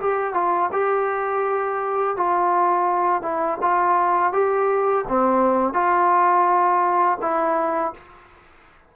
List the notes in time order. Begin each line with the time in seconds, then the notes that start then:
0.00 G4
0.34 F4
0.73 G4
2.17 F4
3.22 E4
3.61 F4
4.33 G4
5.08 C4
5.74 F4
7.22 E4